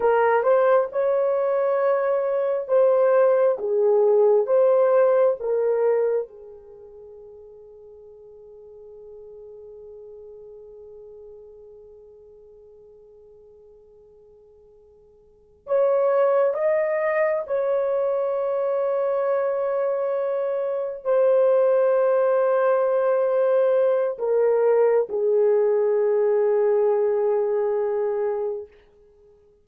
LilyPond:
\new Staff \with { instrumentName = "horn" } { \time 4/4 \tempo 4 = 67 ais'8 c''8 cis''2 c''4 | gis'4 c''4 ais'4 gis'4~ | gis'1~ | gis'1~ |
gis'4. cis''4 dis''4 cis''8~ | cis''2.~ cis''8 c''8~ | c''2. ais'4 | gis'1 | }